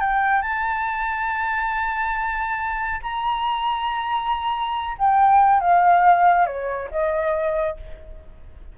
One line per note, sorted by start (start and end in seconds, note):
0.00 0.41 G5
0.41 3.00 A5
3.02 4.96 A#5
4.98 5.60 G5
5.60 6.46 F5
6.46 6.89 C#5
6.90 7.77 D#5